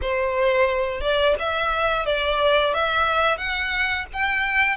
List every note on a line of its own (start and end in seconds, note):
0.01 1.00 C5
1.00 1.35 D5
1.39 2.05 E5
2.05 2.73 D5
2.73 3.37 E5
3.37 4.05 F#5
4.13 4.76 G5